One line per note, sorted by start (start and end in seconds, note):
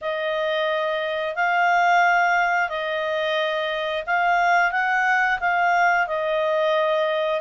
0.01 1.35 D#5
1.35 2.69 F5
2.69 4.04 D#5
4.06 4.71 F5
4.71 5.39 F#5
5.40 6.07 F5
6.07 7.41 D#5